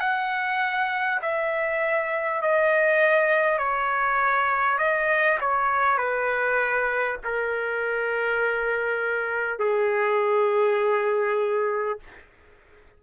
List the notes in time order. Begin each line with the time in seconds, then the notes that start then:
0.00 F#5
1.22 E5
2.42 D#5
3.58 C#5
4.78 D#5
5.41 C#5
5.98 B4
7.24 A#4
9.59 G#4